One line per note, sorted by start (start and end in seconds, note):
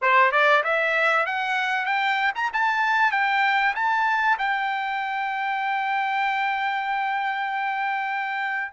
0.01 0.31 C5
0.31 0.62 D5
0.63 1.26 E5
1.26 1.85 F#5
1.85 2.32 G5
2.35 2.51 A#5
2.53 3.11 A5
3.11 3.74 G5
3.75 4.38 A5
4.38 8.72 G5